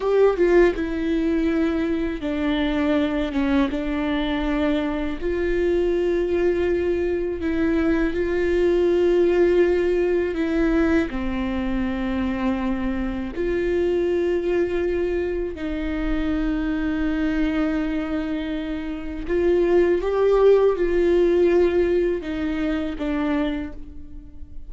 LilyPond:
\new Staff \with { instrumentName = "viola" } { \time 4/4 \tempo 4 = 81 g'8 f'8 e'2 d'4~ | d'8 cis'8 d'2 f'4~ | f'2 e'4 f'4~ | f'2 e'4 c'4~ |
c'2 f'2~ | f'4 dis'2.~ | dis'2 f'4 g'4 | f'2 dis'4 d'4 | }